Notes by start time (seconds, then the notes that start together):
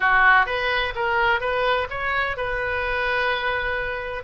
0.00 F#4
0.46 B4
0.95 A#4
1.40 B4
1.90 C#5
2.36 B4